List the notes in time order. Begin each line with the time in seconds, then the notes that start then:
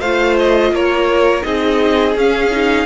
0.00 A3 F4 C5 F5
0.39 D#5
0.71 A#3 A#4 C#5
1.42 C4 D#4 G#4 D#5
2.15 C#4 F5
2.51 D#4